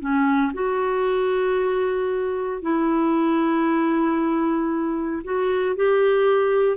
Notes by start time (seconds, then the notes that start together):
0.00 C#4
0.53 F#4
2.62 E4
5.24 F#4
5.76 G4